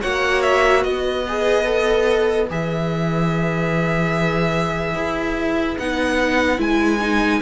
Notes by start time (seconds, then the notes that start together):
0.00 A#3 F#4 C#5 F#5
0.42 E5
0.82 B3 B4 D#5
1.28 G#4
1.65 A4
2.49 E3 G#4 E5
4.95 E4
5.78 B3 D#4 F#5
6.57 G#3 E4 G#5
7.01 D#4